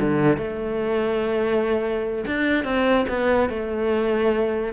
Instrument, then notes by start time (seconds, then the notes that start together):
cello
0.00 D3
0.37 A3
2.27 D4
2.64 C4
3.09 B3
3.49 A3